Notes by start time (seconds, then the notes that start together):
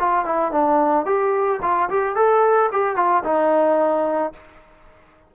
0.00 F4
0.25 E4
0.52 D4
1.06 G4
1.62 F4
1.90 G4
2.16 A4
2.72 G4
2.96 F4
3.24 D#4